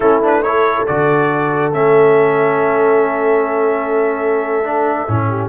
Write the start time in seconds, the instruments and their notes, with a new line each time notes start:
0.00 tuba A3, trombone C#4, horn E4, trumpet A4
0.22 trombone D4, trumpet B4
0.42 trombone E4, horn A4, trumpet C#5
0.86 tuba D3, trombone F#4, trumpet D5
1.72 tuba A3, trombone C#4, trumpet E5
4.64 trombone D4
5.07 tuba A2, trombone C#4
5.29 horn G4